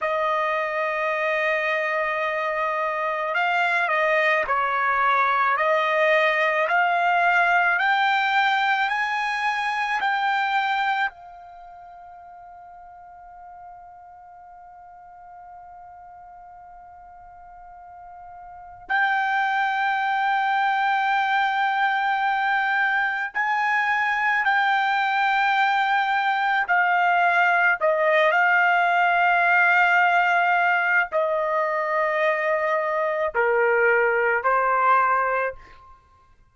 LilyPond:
\new Staff \with { instrumentName = "trumpet" } { \time 4/4 \tempo 4 = 54 dis''2. f''8 dis''8 | cis''4 dis''4 f''4 g''4 | gis''4 g''4 f''2~ | f''1~ |
f''4 g''2.~ | g''4 gis''4 g''2 | f''4 dis''8 f''2~ f''8 | dis''2 ais'4 c''4 | }